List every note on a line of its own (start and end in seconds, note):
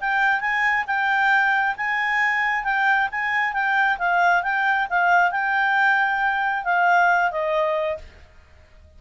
0.00 0.40 G5
0.40 0.84 G#5
0.86 1.75 G5
1.77 2.64 G#5
2.64 3.08 G5
3.11 3.53 G#5
3.53 3.97 G5
3.98 4.43 F5
4.43 4.87 G5
4.89 5.31 F5
5.31 6.64 G5
6.64 7.31 F5
7.31 7.97 D#5